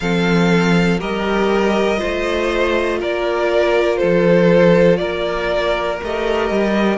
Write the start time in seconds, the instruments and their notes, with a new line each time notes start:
0.00 cello F3, viola C4, violin A4 F5
0.99 cello G3, viola G4, violin A#4 D#5
1.97 cello A3, viola F4, violin C5
3.00 cello A#3, violin A#4 D5
3.96 cello F3, violin A4 C5
4.96 cello A#3, violin A#4 D5
6.02 cello A3, viola G4, violin D#5
6.50 cello G3